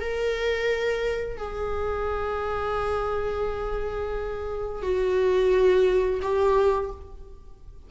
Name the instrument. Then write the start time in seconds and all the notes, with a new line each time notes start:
viola
0.00 A#4
1.37 G#4
4.82 F#4
6.21 G4